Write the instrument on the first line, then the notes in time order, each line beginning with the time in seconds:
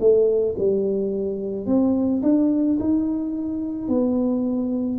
tuba
0.00 A3
0.59 G3
1.67 C4
2.23 D4
2.80 D#4
3.88 B3